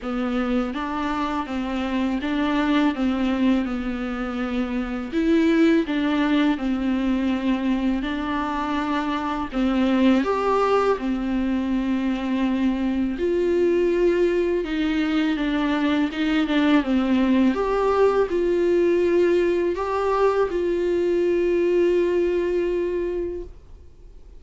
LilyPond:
\new Staff \with { instrumentName = "viola" } { \time 4/4 \tempo 4 = 82 b4 d'4 c'4 d'4 | c'4 b2 e'4 | d'4 c'2 d'4~ | d'4 c'4 g'4 c'4~ |
c'2 f'2 | dis'4 d'4 dis'8 d'8 c'4 | g'4 f'2 g'4 | f'1 | }